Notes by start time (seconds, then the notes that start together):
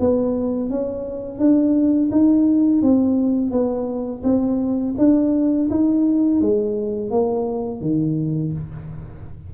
0.00 B3
0.70 C#4
1.39 D4
2.12 D#4
2.82 C4
3.51 B3
4.24 C4
4.98 D4
5.70 D#4
6.41 G#3
7.11 A#3
7.81 D#3